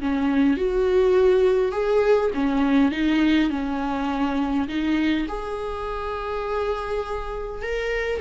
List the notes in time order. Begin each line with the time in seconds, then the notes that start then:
0.00 C#4
0.57 F#4
1.72 G#4
2.34 C#4
2.91 D#4
3.50 C#4
4.68 D#4
5.28 G#4
7.62 A#4